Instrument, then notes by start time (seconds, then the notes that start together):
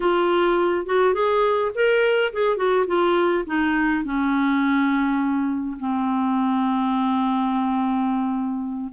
clarinet
0.00 F4
0.86 F#4
1.14 G#4
1.74 A#4
2.32 G#4
2.56 F#4
2.86 F4
3.46 D#4
4.04 C#4
5.79 C4